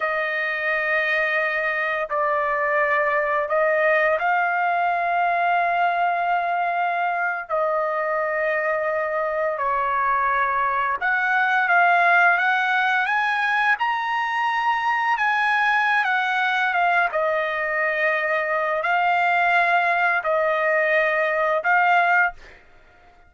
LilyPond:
\new Staff \with { instrumentName = "trumpet" } { \time 4/4 \tempo 4 = 86 dis''2. d''4~ | d''4 dis''4 f''2~ | f''2~ f''8. dis''4~ dis''16~ | dis''4.~ dis''16 cis''2 fis''16~ |
fis''8. f''4 fis''4 gis''4 ais''16~ | ais''4.~ ais''16 gis''4~ gis''16 fis''4 | f''8 dis''2~ dis''8 f''4~ | f''4 dis''2 f''4 | }